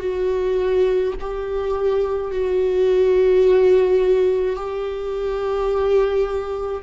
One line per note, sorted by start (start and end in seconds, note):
0.00 1.13 F#4
1.20 2.31 G4
2.31 4.56 F#4
4.56 6.82 G4